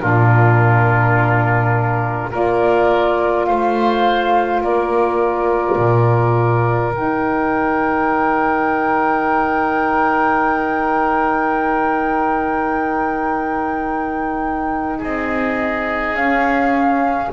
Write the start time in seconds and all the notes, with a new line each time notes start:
0.00 A#2 D4 F4 A#4
2.31 A#3 F4 A#4 D5
3.45 A3 C5 F5
4.61 A#3 A#4 D5
5.78 A#2
6.93 D#3 D#4 G5
14.99 C4 G#4 D#5
16.14 C#4 F5